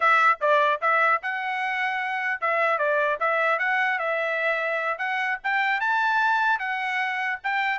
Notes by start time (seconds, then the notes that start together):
0.00 E5
0.40 D5
0.81 E5
1.22 F#5
2.41 E5
2.78 D5
3.20 E5
3.58 F#5
3.99 E5
4.98 F#5
5.43 G5
5.80 A5
6.59 F#5
7.43 G5